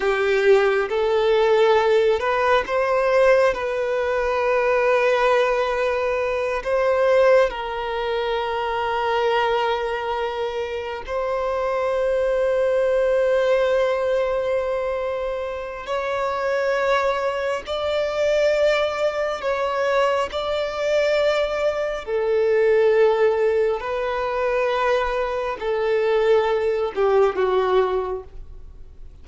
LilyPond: \new Staff \with { instrumentName = "violin" } { \time 4/4 \tempo 4 = 68 g'4 a'4. b'8 c''4 | b'2.~ b'8 c''8~ | c''8 ais'2.~ ais'8~ | ais'8 c''2.~ c''8~ |
c''2 cis''2 | d''2 cis''4 d''4~ | d''4 a'2 b'4~ | b'4 a'4. g'8 fis'4 | }